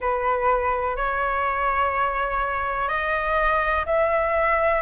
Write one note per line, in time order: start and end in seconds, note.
0.00 0.96 B4
0.96 2.88 C#5
2.88 3.84 D#5
3.85 4.82 E5